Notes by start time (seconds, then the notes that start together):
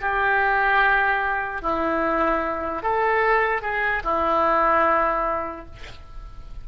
0.00 G4
1.61 E4
2.82 A4
3.62 G#4
4.04 E4